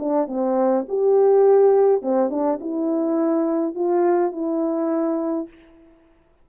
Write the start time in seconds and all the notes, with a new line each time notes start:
0.00 D4
0.28 C4
0.89 G4
2.02 C4
2.30 D4
2.61 E4
3.75 F4
4.32 E4